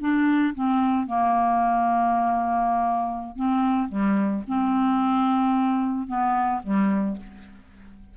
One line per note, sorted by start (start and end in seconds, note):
0.00 0.54 D4
0.54 1.06 C4
1.06 3.36 A#3
3.36 3.89 C4
3.89 4.43 G3
4.47 6.07 C4
6.07 6.61 B3
6.63 7.17 G3